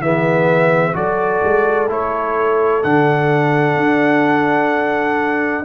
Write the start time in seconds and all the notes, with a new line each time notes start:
0.00 E3 B3 G#4 E5
0.93 F#3 F#4 A4 D5
1.43 G#3
1.88 A3 E4 C#5
2.83 D3 D4 F#5
3.76 D4